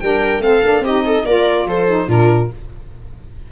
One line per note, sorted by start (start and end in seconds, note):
0.00 0.39 G3
0.00 0.42 D4
0.00 0.44 A#4
0.00 0.42 G5
0.39 0.60 A3
0.39 0.63 C4
0.39 0.85 A4
0.39 0.84 F5
0.63 0.80 A#3
0.63 0.85 D4
0.80 1.22 C4
0.80 1.27 D#4
0.80 1.05 G4
0.80 1.26 D#5
1.06 1.26 A4
1.25 1.66 A#3
1.25 1.88 F4
1.25 1.67 A#4
1.25 1.68 D5
1.66 2.07 F3
1.66 2.08 A4
1.66 2.10 C5
1.88 2.08 D#4
2.08 2.49 A#2
2.08 2.49 D4
2.08 2.49 F4
2.08 2.52 A#4